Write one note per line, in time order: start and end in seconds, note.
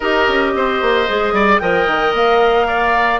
0.00 0.27 D#4
0.00 1.08 G4
0.00 0.51 A#4
0.00 1.58 D#5
0.28 0.54 C#4
0.54 0.81 C4
0.54 1.34 C5
0.81 1.08 A#3
1.08 1.32 G#3
1.08 1.60 G#4
1.32 1.59 G3
1.32 1.61 D5
1.58 1.87 F3
1.58 3.19 A#4
1.58 2.67 D#5
1.58 2.12 G5
1.87 2.13 D#3
2.13 3.19 A#3
2.13 3.19 F5
2.67 3.19 D5